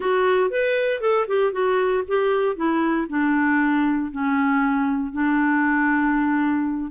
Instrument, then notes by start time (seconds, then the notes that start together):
clarinet
0.00 F#4
0.50 B4
1.00 A4
1.27 G4
1.52 F#4
2.07 G4
2.55 E4
3.09 D4
4.11 C#4
5.12 D4